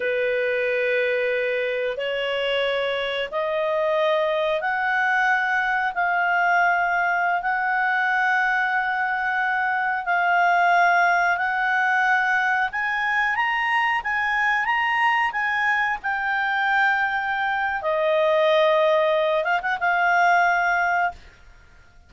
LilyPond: \new Staff \with { instrumentName = "clarinet" } { \time 4/4 \tempo 4 = 91 b'2. cis''4~ | cis''4 dis''2 fis''4~ | fis''4 f''2~ f''16 fis''8.~ | fis''2.~ fis''16 f''8.~ |
f''4~ f''16 fis''2 gis''8.~ | gis''16 ais''4 gis''4 ais''4 gis''8.~ | gis''16 g''2~ g''8. dis''4~ | dis''4. f''16 fis''16 f''2 | }